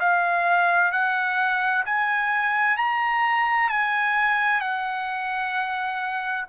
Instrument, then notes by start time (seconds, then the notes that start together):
trumpet
0.00 F5
0.92 F#5
1.85 G#5
2.77 A#5
3.70 G#5
4.61 F#5